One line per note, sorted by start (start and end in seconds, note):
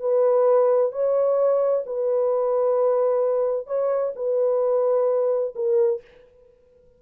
0.00 0.92 B4
0.92 1.84 C#5
1.86 3.67 B4
3.67 4.13 C#5
4.16 5.54 B4
5.55 6.01 A#4